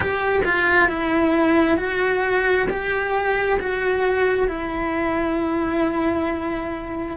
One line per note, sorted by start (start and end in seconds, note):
0.00 0.42 G4
0.45 0.88 F4
0.88 1.77 E4
1.77 2.66 F#4
2.69 3.59 G4
3.59 4.48 F#4
4.48 7.16 E4